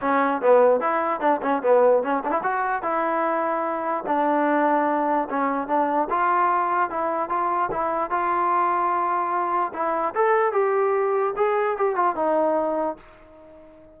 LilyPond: \new Staff \with { instrumentName = "trombone" } { \time 4/4 \tempo 4 = 148 cis'4 b4 e'4 d'8 cis'8 | b4 cis'8 d'16 e'16 fis'4 e'4~ | e'2 d'2~ | d'4 cis'4 d'4 f'4~ |
f'4 e'4 f'4 e'4 | f'1 | e'4 a'4 g'2 | gis'4 g'8 f'8 dis'2 | }